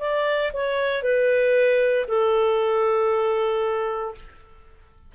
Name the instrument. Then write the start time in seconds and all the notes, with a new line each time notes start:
clarinet
0.00 D5
0.53 C#5
1.03 B4
2.08 A4